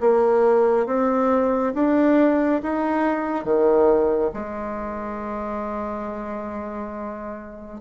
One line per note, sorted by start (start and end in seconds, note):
0.00 0.86 A#3
0.86 1.73 C4
1.74 2.61 D4
2.62 3.44 D#4
3.44 4.31 D#3
4.33 7.81 G#3